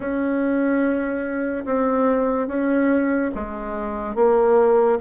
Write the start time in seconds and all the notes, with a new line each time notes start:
0.00 C#4
1.65 C4
2.47 C#4
3.34 G#3
4.15 A#3